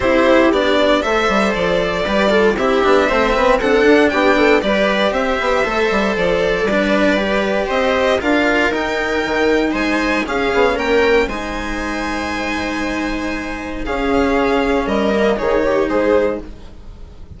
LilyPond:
<<
  \new Staff \with { instrumentName = "violin" } { \time 4/4 \tempo 4 = 117 c''4 d''4 e''4 d''4~ | d''4 e''2 fis''4 | g''4 d''4 e''2 | d''2. dis''4 |
f''4 g''2 gis''4 | f''4 g''4 gis''2~ | gis''2. f''4~ | f''4 dis''4 cis''4 c''4 | }
  \new Staff \with { instrumentName = "viola" } { \time 4/4 g'2 c''2 | b'8 a'8 g'4 c''8 b'8 a'4 | g'8 a'8 b'4 c''2~ | c''4 b'2 c''4 |
ais'2. c''4 | gis'4 ais'4 c''2~ | c''2. gis'4~ | gis'4 ais'4 gis'8 g'8 gis'4 | }
  \new Staff \with { instrumentName = "cello" } { \time 4/4 e'4 d'4 a'2 | g'8 f'8 e'8 d'8 c'4 d'4~ | d'4 g'2 a'4~ | a'4 d'4 g'2 |
f'4 dis'2. | cis'2 dis'2~ | dis'2. cis'4~ | cis'4. ais8 dis'2 | }
  \new Staff \with { instrumentName = "bassoon" } { \time 4/4 c'4 b4 a8 g8 f4 | g4 c'8 b8 a8 b8 c'8 d'8 | b4 g4 c'8 b8 a8 g8 | f4 g2 c'4 |
d'4 dis'4 dis4 gis4 | cis'8 b8 ais4 gis2~ | gis2. cis'4~ | cis'4 g4 dis4 gis4 | }
>>